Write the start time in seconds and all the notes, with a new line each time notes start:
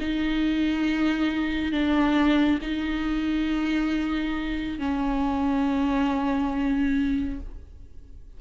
0.00 D#4
1.72 D4
2.62 D#4
4.79 C#4